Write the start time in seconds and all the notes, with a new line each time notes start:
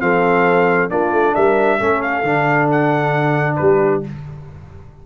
0.00 F3 C4 A4 F5
0.90 A#3 D4 F4 D5
1.12 A3
1.35 G3 A#4 E5
1.79 A3 C#4 A4
2.02 F5
2.23 D3 D4
2.71 F#5
3.56 G3 G4 B4